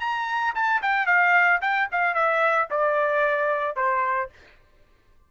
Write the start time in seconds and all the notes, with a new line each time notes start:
0.00 A#5
0.55 A5
0.82 G5
1.06 F5
1.61 G5
1.92 F5
2.15 E5
2.71 D5
3.76 C5